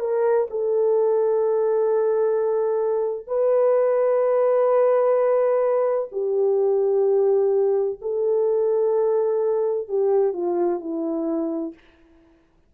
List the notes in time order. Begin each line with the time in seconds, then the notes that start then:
0.00 A#4
0.51 A4
3.27 B4
6.12 G4
8.02 A4
9.88 G4
10.33 F4
10.80 E4